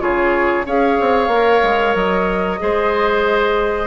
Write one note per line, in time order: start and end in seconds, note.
0.00 0.66 C#3
0.00 0.65 F4
0.00 0.66 G#4
0.00 0.65 C#5
0.66 0.98 C#4
0.66 1.31 G#4
0.66 2.60 C#5
0.66 1.95 F5
1.00 1.28 C4
1.28 1.60 A#3
1.28 2.59 A#4
1.63 1.95 G#3
1.95 2.59 F#3
1.95 3.87 D#5
2.59 3.87 G#3
2.59 3.87 G#4
2.59 3.87 C5